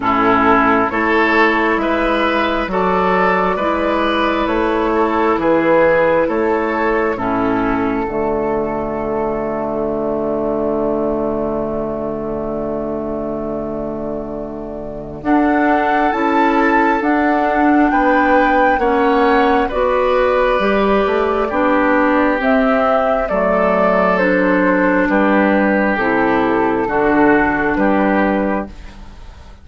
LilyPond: <<
  \new Staff \with { instrumentName = "flute" } { \time 4/4 \tempo 4 = 67 a'4 cis''4 e''4 d''4~ | d''4 cis''4 b'4 cis''4 | a'2. d''4~ | d''1~ |
d''4 fis''4 a''4 fis''4 | g''4 fis''4 d''2~ | d''4 e''4 d''4 c''4 | b'4 a'2 b'4 | }
  \new Staff \with { instrumentName = "oboe" } { \time 4/4 e'4 a'4 b'4 a'4 | b'4. a'8 gis'4 a'4 | e'4 fis'2.~ | fis'1~ |
fis'4 a'2. | b'4 cis''4 b'2 | g'2 a'2 | g'2 fis'4 g'4 | }
  \new Staff \with { instrumentName = "clarinet" } { \time 4/4 cis'4 e'2 fis'4 | e'1 | cis'4 a2.~ | a1~ |
a4 d'4 e'4 d'4~ | d'4 cis'4 fis'4 g'4 | d'4 c'4 a4 d'4~ | d'4 e'4 d'2 | }
  \new Staff \with { instrumentName = "bassoon" } { \time 4/4 a,4 a4 gis4 fis4 | gis4 a4 e4 a4 | a,4 d2.~ | d1~ |
d4 d'4 cis'4 d'4 | b4 ais4 b4 g8 a8 | b4 c'4 fis2 | g4 c4 d4 g4 | }
>>